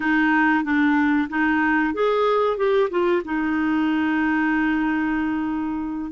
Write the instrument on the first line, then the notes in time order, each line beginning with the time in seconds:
clarinet
0.00 D#4
0.63 D4
1.29 D#4
1.94 G#4
2.57 G4
2.90 F4
3.25 D#4